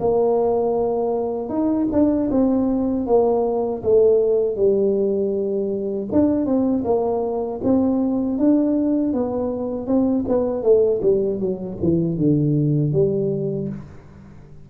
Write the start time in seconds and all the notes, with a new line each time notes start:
0.00 A#3
1.49 D#4
1.92 D4
2.31 C4
3.07 A#3
3.83 A3
4.56 G3
6.12 D4
6.46 C4
6.85 A#3
7.64 C4
8.38 D4
9.13 B3
9.87 C4
10.28 B3
10.63 A3
11.02 G3
11.40 F#3
11.82 E3
12.17 D3
12.93 G3